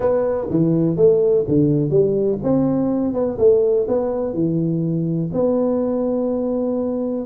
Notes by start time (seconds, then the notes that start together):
0.00 B3
0.49 E3
0.96 A3
1.48 D3
1.90 G3
2.43 C4
3.13 B3
3.38 A3
3.88 B3
4.33 E3
5.33 B3